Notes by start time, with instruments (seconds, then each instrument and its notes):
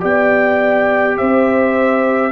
0.00 tuba B3, trombone G4, horn D5, trumpet G5
1.17 tuba C4, horn C5, trumpet E5